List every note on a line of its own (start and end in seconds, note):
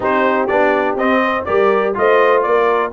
0.00 0.49 C4
0.00 0.48 D#4
0.00 1.21 G4
0.00 0.47 C5
0.47 0.95 B3
0.47 0.97 D4
0.47 0.96 D5
0.95 1.44 C4
0.95 1.46 C4
0.95 1.45 D#5
1.22 1.46 C5
1.45 1.97 G3
1.45 1.94 G4
1.45 1.95 A#4
1.45 1.93 D5
1.94 2.45 A3
1.94 2.91 F4
1.94 2.48 C5
1.94 2.42 D#5
2.42 2.92 A#3
2.42 2.91 D5
2.49 2.92 A#4